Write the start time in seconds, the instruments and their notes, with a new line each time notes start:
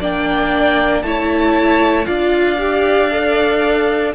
0.00 cello A#3, viola D4, violin D5 G5
1.02 cello A3, viola E4, violin C#5 A5
2.06 cello D4, viola F4, violin D5 F5
2.59 viola G4
3.10 viola A4